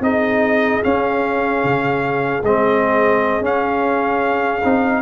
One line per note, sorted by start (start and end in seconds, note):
0.00 0.80 C4
0.00 0.82 D#4
0.00 5.01 G#4
0.00 0.83 D#5
0.82 2.42 C#4
0.82 1.64 C#4
0.82 2.44 F5
1.64 2.43 C#3
2.43 3.40 G#3
2.43 3.42 C4
2.43 3.44 D#5
3.40 4.60 C#4
3.40 4.62 C#4
3.40 5.01 F5
4.64 5.01 C4
4.64 5.01 D#4